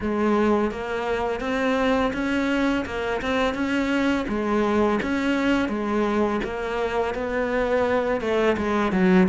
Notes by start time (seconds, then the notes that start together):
0.01 G#3
0.71 A#3
1.40 C4
2.13 C#4
2.85 A#3
3.21 C4
3.54 C#4
4.28 G#3
5.02 C#4
5.69 G#3
6.44 A#3
7.14 B3
8.20 A3
8.57 G#3
8.92 F#3